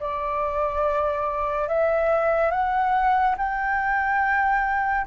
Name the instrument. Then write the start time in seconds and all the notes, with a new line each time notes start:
flute
0.00 D5
1.69 E5
2.51 F#5
3.38 G5